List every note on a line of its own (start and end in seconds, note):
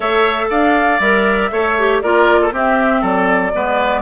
0.00 0.49 A3
0.00 1.01 A4
0.00 0.46 C#5
0.00 0.50 E5
0.49 0.99 D4
0.49 1.50 D5
0.49 1.00 F5
0.99 1.50 G3
0.99 1.51 A#4
0.99 2.01 E5
1.51 2.02 A3
1.51 1.76 A4
1.51 2.02 C#5
1.78 2.03 G4
2.01 2.52 A#3
2.01 2.51 F4
2.01 2.40 A#4
2.01 2.51 D5
2.41 2.53 A4
2.51 3.52 C4
2.51 3.02 C4
2.51 3.01 G4
2.51 3.05 E5
3.01 3.52 F#3
3.01 3.51 A4
3.01 4.01 D5
3.53 4.01 G#3
3.53 4.01 B3
3.53 4.01 B4